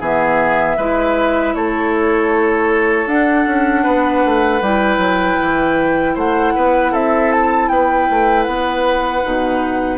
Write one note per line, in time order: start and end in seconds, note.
0.00 0.77 E3
0.00 0.78 B3
0.00 0.77 G#4
0.00 1.54 E5
0.77 1.54 G#3
0.77 3.07 E4
0.77 1.54 B4
1.54 3.07 A3
1.54 3.83 A4
1.54 3.08 C#5
3.07 3.45 D4
3.07 4.61 D4
3.07 4.62 F#5
3.46 3.85 C#4
3.83 4.24 B3
3.83 6.14 B4
4.25 4.61 A3
4.61 4.98 G3
4.61 9.23 E4
4.61 6.16 G5
4.98 5.36 F#3
5.41 6.16 E3
6.14 6.54 A3
6.14 6.53 C5
6.14 6.94 F#5
6.55 6.92 B3
6.55 6.92 B4
6.92 7.69 C4
6.92 7.69 A4
6.92 7.32 E5
7.32 7.68 A5
7.68 8.08 B3
7.68 9.98 B4
7.68 8.43 G5
8.10 8.47 A3
8.43 9.24 B3
8.43 9.97 F#5
9.23 9.98 B2
9.23 9.98 D#4